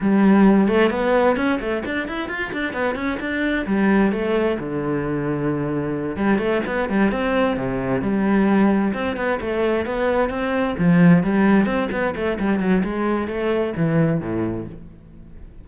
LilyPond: \new Staff \with { instrumentName = "cello" } { \time 4/4 \tempo 4 = 131 g4. a8 b4 cis'8 a8 | d'8 e'8 f'8 d'8 b8 cis'8 d'4 | g4 a4 d2~ | d4. g8 a8 b8 g8 c'8~ |
c'8 c4 g2 c'8 | b8 a4 b4 c'4 f8~ | f8 g4 c'8 b8 a8 g8 fis8 | gis4 a4 e4 a,4 | }